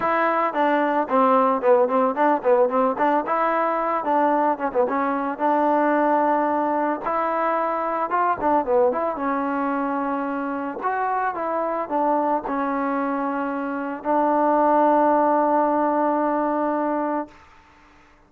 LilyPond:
\new Staff \with { instrumentName = "trombone" } { \time 4/4 \tempo 4 = 111 e'4 d'4 c'4 b8 c'8 | d'8 b8 c'8 d'8 e'4. d'8~ | d'8 cis'16 b16 cis'4 d'2~ | d'4 e'2 f'8 d'8 |
b8 e'8 cis'2. | fis'4 e'4 d'4 cis'4~ | cis'2 d'2~ | d'1 | }